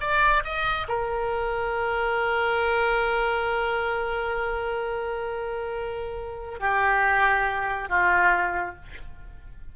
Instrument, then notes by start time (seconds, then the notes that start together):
oboe
0.00 D5
0.44 D#5
0.88 A#4
6.60 G4
7.89 F4